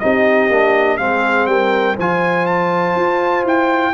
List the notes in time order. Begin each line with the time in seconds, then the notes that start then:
0.00 C4 D#4 G4 D#5
0.50 A#3 D4
0.98 G#3 C4 G#4 F5
1.47 G3 A#4 G5
1.97 F3 F4 C5 G#5
2.46 A5
2.96 F4
3.45 E4 G5